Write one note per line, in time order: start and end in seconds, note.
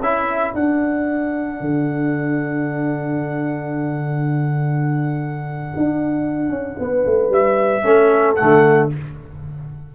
0.00 0.54 C#4
0.00 0.54 E4
0.00 6.77 A4
0.00 0.55 E5
0.54 7.84 D4
0.54 1.61 D4
0.54 7.32 F#5
1.61 5.72 D3
5.77 6.49 D4
6.49 6.76 C#4
6.79 7.06 B3
6.79 7.84 B4
7.06 7.29 A3
7.29 7.82 G3
7.29 8.36 E5
7.84 8.38 A3
7.84 8.37 C#4
7.84 8.90 A4
8.36 8.90 A3
8.36 8.89 F#5
8.42 8.95 D3